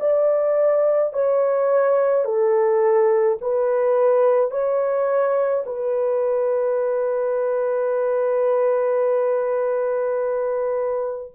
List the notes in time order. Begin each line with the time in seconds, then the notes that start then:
0.00 D5
1.13 C#5
2.24 A4
3.41 B4
4.51 C#5
5.66 B4